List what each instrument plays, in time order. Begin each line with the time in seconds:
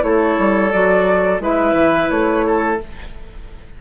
0.00 bassoon A3, clarinet E4, oboe A4, flute C#5
0.38 bassoon G3
0.72 bassoon F#3, clarinet F#4, flute D5
1.40 bassoon G#3, clarinet E4, oboe B4, flute E5
1.72 bassoon E3
2.10 bassoon A3, flute C#5
2.46 oboe A4